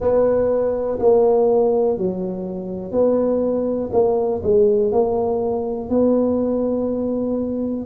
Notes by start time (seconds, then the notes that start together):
0.00 B3
0.99 A#3
1.97 F#3
2.92 B3
3.92 A#3
4.43 G#3
4.92 A#3
5.89 B3